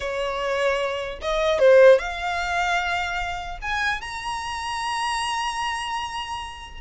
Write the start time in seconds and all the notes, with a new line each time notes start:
0.00 C#5
1.21 D#5
1.59 C5
1.98 F5
3.61 G#5
4.01 A#5